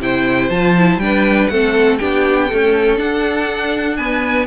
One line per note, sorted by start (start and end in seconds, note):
0.00 0.50 C3
0.00 0.51 E4
0.00 1.01 C5
0.00 0.50 G5
0.50 0.97 F3
0.50 0.75 F4
0.50 0.99 A5
0.76 1.01 E4
0.97 1.46 G3
0.97 1.50 D4
0.97 1.47 G5
1.03 1.51 B4
1.47 1.99 A3
1.47 1.99 C4
1.47 1.99 A4
1.47 1.97 F#5
1.98 2.52 B3
1.98 2.49 D4
1.98 2.48 G4
1.98 2.97 G5
2.48 2.96 A3
2.48 2.99 C#4
2.48 3.96 A4
2.96 3.95 D4
2.96 4.47 D4
2.96 3.96 F#5
3.96 4.47 B3
3.96 4.47 B4
3.96 4.46 G#5